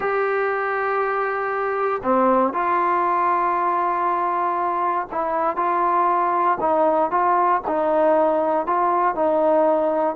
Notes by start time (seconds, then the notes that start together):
0.00 G4
2.03 C4
2.53 F4
5.11 E4
5.56 F4
6.60 D#4
7.10 F4
7.67 D#4
8.66 F4
9.15 D#4